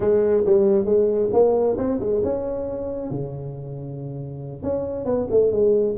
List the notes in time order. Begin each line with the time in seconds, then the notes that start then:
0.00 G#3
0.45 G3
0.85 G#3
1.32 A#3
1.77 C4
2.00 G#3
2.23 C#4
3.10 C#3
4.62 C#4
5.05 B3
5.30 A3
5.51 G#3